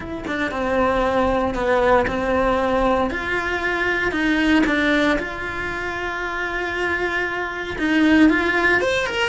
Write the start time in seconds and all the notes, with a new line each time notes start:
0.00 E4
0.27 D4
0.51 C4
1.54 B3
2.07 C4
3.10 F4
4.11 D#4
4.66 D4
5.18 F4
7.78 D#4
8.29 F4
8.81 C5
9.06 A#4